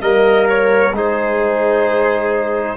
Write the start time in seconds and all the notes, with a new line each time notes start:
0.00 G3 A#3 A#4 D#5
0.49 C#5
0.92 G#3 D#4 G#4 C5